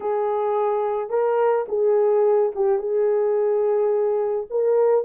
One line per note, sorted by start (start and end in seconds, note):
0.00 1.09 G#4
1.09 1.65 A#4
1.68 2.52 G#4
2.55 2.78 G4
2.78 4.47 G#4
4.49 5.05 A#4